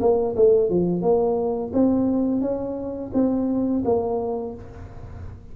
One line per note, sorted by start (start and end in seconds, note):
0.00 0.35 A#3
0.36 0.69 A3
0.69 1.01 F3
1.01 1.71 A#3
1.73 2.41 C4
2.41 3.11 C#4
3.13 3.83 C4
3.84 4.54 A#3